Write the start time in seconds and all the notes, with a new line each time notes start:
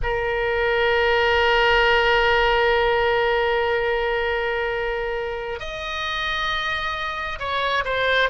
0.02 A#4
5.59 D#5
7.39 C#5
7.84 C5